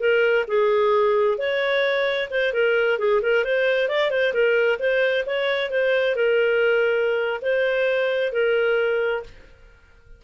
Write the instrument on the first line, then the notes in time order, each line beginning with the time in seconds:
clarinet
0.00 A#4
0.48 G#4
1.38 C#5
2.31 C5
2.54 A#4
2.99 G#4
3.23 A#4
3.45 C5
3.89 D5
4.11 C5
4.34 A#4
4.80 C5
5.27 C#5
5.71 C5
6.16 A#4
7.42 C5
8.33 A#4